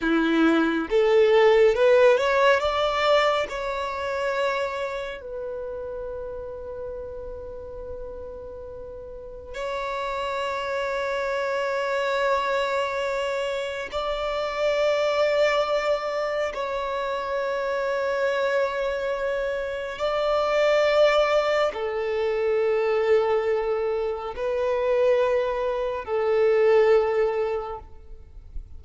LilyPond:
\new Staff \with { instrumentName = "violin" } { \time 4/4 \tempo 4 = 69 e'4 a'4 b'8 cis''8 d''4 | cis''2 b'2~ | b'2. cis''4~ | cis''1 |
d''2. cis''4~ | cis''2. d''4~ | d''4 a'2. | b'2 a'2 | }